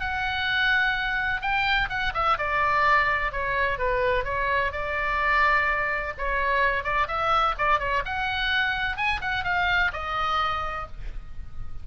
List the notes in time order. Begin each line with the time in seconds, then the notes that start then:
0.00 F#5
1.42 G5
1.89 F#5
2.14 E5
2.38 D5
3.32 C#5
3.78 B4
4.25 C#5
4.72 D5
6.18 C#5
6.84 D5
7.08 E5
7.58 D5
7.79 C#5
8.05 F#5
8.97 G#5
9.21 F#5
9.44 F5
9.93 D#5